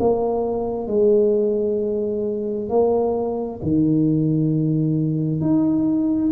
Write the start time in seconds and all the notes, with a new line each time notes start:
0.00 A#3
0.88 G#3
2.70 A#3
3.63 D#3
5.41 D#4